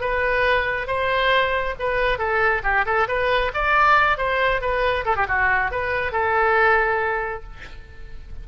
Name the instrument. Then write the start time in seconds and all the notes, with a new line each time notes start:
oboe
0.00 B4
0.87 C5
1.79 B4
2.18 A4
2.63 G4
2.85 A4
3.08 B4
3.54 D5
4.17 C5
4.61 B4
5.05 A4
5.16 G4
5.27 F#4
5.71 B4
6.12 A4